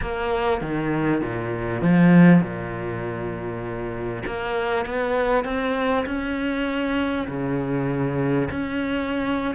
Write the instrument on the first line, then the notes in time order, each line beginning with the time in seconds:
cello
0.01 A#3
0.61 D#3
1.21 A#2
1.81 F3
2.41 A#2
4.26 A#3
4.85 B3
5.44 C4
6.06 C#4
7.27 C#3
8.50 C#4